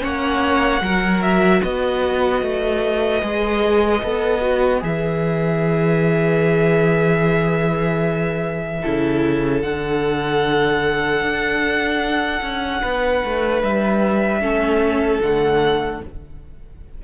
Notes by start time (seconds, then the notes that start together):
0.00 A#3 C#4 C#5 F#5
0.82 F#3 F#4 A#4
1.23 E5
1.60 B3 B4 D#5
2.42 A3
3.22 G#3 G#4
4.03 B3 A4
4.41 F#4
4.81 E3 G#4 E5
8.82 C#3 E4 A4
9.62 D3 D4 F#5
11.22 D4
12.43 C#4
12.82 B3 B4
13.25 A3
13.63 G3 E5
14.41 A3 C#4 A4
15.20 D3 A3 F#5